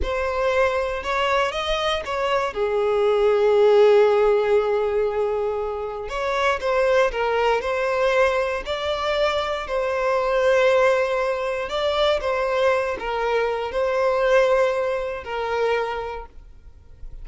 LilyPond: \new Staff \with { instrumentName = "violin" } { \time 4/4 \tempo 4 = 118 c''2 cis''4 dis''4 | cis''4 gis'2.~ | gis'1 | cis''4 c''4 ais'4 c''4~ |
c''4 d''2 c''4~ | c''2. d''4 | c''4. ais'4. c''4~ | c''2 ais'2 | }